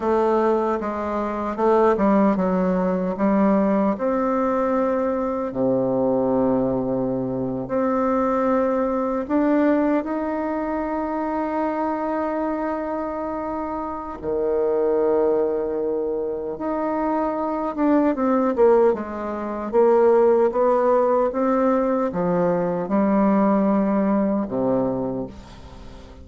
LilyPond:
\new Staff \with { instrumentName = "bassoon" } { \time 4/4 \tempo 4 = 76 a4 gis4 a8 g8 fis4 | g4 c'2 c4~ | c4.~ c16 c'2 d'16~ | d'8. dis'2.~ dis'16~ |
dis'2 dis2~ | dis4 dis'4. d'8 c'8 ais8 | gis4 ais4 b4 c'4 | f4 g2 c4 | }